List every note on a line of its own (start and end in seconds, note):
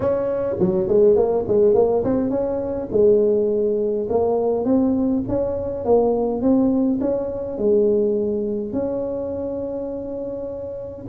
0.00 0.56 C#4
0.59 0.88 F#3
0.88 1.15 G#3
1.15 1.45 A#3
1.47 1.74 G#3
1.74 2.03 A#3
2.04 2.30 C4
2.30 2.88 C#4
2.91 4.08 G#3
4.09 4.64 A#3
4.64 5.23 C4
5.28 5.84 C#4
5.84 6.41 A#3
6.41 6.99 C4
7.01 7.57 C#4
7.57 8.72 G#3
8.72 11.05 C#4